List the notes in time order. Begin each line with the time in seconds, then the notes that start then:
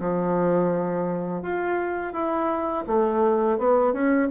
0.00 F3
1.43 F4
2.13 E4
2.87 A3
3.58 B3
3.93 C#4